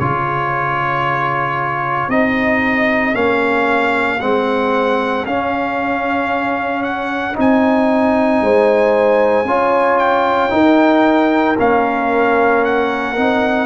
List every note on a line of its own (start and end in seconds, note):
0.00 2.09 C#3
0.00 2.11 F4
0.00 8.43 G#4
0.00 2.10 C#5
2.09 3.14 C4
2.09 3.14 D#4
2.09 3.16 D#5
3.14 4.20 A#3
3.14 4.20 C#4
3.14 4.21 F5
4.21 5.26 G#3
4.21 5.27 C4
4.21 5.26 F#5
5.26 7.37 C#4
5.26 7.34 C#4
5.26 6.83 F5
6.83 7.36 F#5
7.34 8.41 C4
7.34 9.45 D#4
7.41 9.99 G#5
8.41 9.45 G#3
8.41 9.49 C5
9.45 10.50 C#4
9.45 10.50 F4
9.45 10.54 C#5
9.99 11.57 G5
10.50 11.55 D#4
10.50 11.57 D#4
10.50 13.66 A#4
11.59 13.17 A#3
11.59 13.16 C#4
11.59 12.65 F5
12.65 13.66 F#5
13.17 13.66 C4
13.17 13.66 D#4